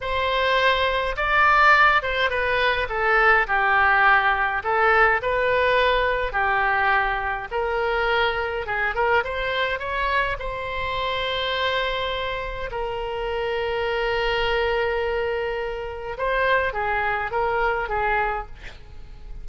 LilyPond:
\new Staff \with { instrumentName = "oboe" } { \time 4/4 \tempo 4 = 104 c''2 d''4. c''8 | b'4 a'4 g'2 | a'4 b'2 g'4~ | g'4 ais'2 gis'8 ais'8 |
c''4 cis''4 c''2~ | c''2 ais'2~ | ais'1 | c''4 gis'4 ais'4 gis'4 | }